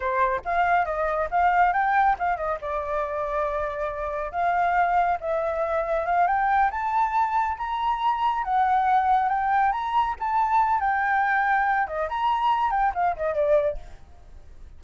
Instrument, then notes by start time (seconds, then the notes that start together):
flute
0.00 C5
0.44 F5
0.85 D#5
1.31 F5
1.72 G5
2.18 F5
2.36 D#5
2.61 D5
4.31 F5
5.20 E5
6.05 F5
6.27 G5
6.70 A5
7.57 A#5
8.43 F#5
9.28 G5
9.72 A#5
10.19 A5
10.79 G5
11.87 D#5
12.09 A#5
12.70 G5
12.94 F5
13.16 D#5
13.34 D5